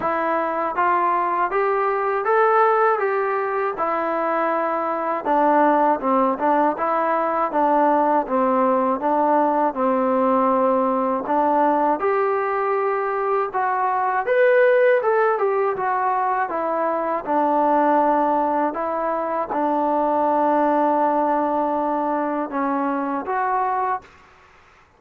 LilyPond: \new Staff \with { instrumentName = "trombone" } { \time 4/4 \tempo 4 = 80 e'4 f'4 g'4 a'4 | g'4 e'2 d'4 | c'8 d'8 e'4 d'4 c'4 | d'4 c'2 d'4 |
g'2 fis'4 b'4 | a'8 g'8 fis'4 e'4 d'4~ | d'4 e'4 d'2~ | d'2 cis'4 fis'4 | }